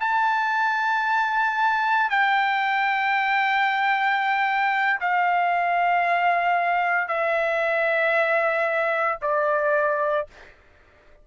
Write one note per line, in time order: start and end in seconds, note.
0.00 2.10 A5
2.10 5.00 G5
5.00 7.08 F5
7.08 9.19 E5
9.22 10.27 D5